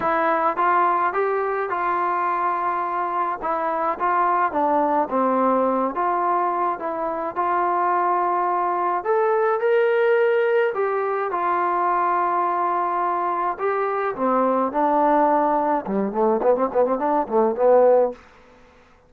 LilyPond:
\new Staff \with { instrumentName = "trombone" } { \time 4/4 \tempo 4 = 106 e'4 f'4 g'4 f'4~ | f'2 e'4 f'4 | d'4 c'4. f'4. | e'4 f'2. |
a'4 ais'2 g'4 | f'1 | g'4 c'4 d'2 | g8 a8 b16 c'16 b16 c'16 d'8 a8 b4 | }